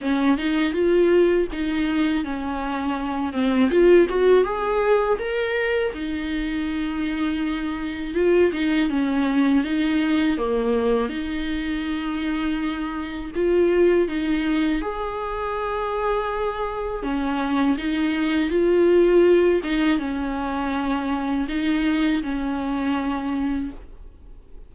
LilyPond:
\new Staff \with { instrumentName = "viola" } { \time 4/4 \tempo 4 = 81 cis'8 dis'8 f'4 dis'4 cis'4~ | cis'8 c'8 f'8 fis'8 gis'4 ais'4 | dis'2. f'8 dis'8 | cis'4 dis'4 ais4 dis'4~ |
dis'2 f'4 dis'4 | gis'2. cis'4 | dis'4 f'4. dis'8 cis'4~ | cis'4 dis'4 cis'2 | }